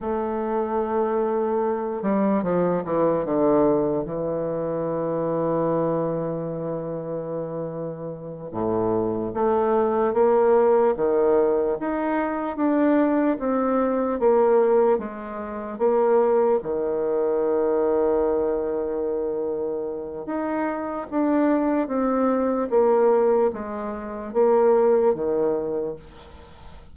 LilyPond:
\new Staff \with { instrumentName = "bassoon" } { \time 4/4 \tempo 4 = 74 a2~ a8 g8 f8 e8 | d4 e2.~ | e2~ e8 a,4 a8~ | a8 ais4 dis4 dis'4 d'8~ |
d'8 c'4 ais4 gis4 ais8~ | ais8 dis2.~ dis8~ | dis4 dis'4 d'4 c'4 | ais4 gis4 ais4 dis4 | }